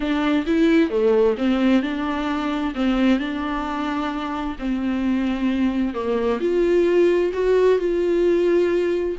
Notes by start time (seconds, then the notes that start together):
0.00 D4
0.46 E4
0.90 A3
1.37 C4
1.82 D4
2.75 C4
3.19 D4
4.59 C4
5.93 A#3
6.40 F4
7.33 F#4
7.78 F4